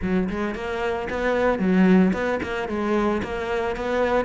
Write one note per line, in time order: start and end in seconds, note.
0.01 0.28 F#3
0.29 0.54 G#3
0.54 1.08 A#3
1.09 1.59 B3
1.59 2.12 F#3
2.13 2.39 B3
2.43 2.68 A#3
2.68 3.22 G#3
3.22 3.75 A#3
3.75 4.25 B3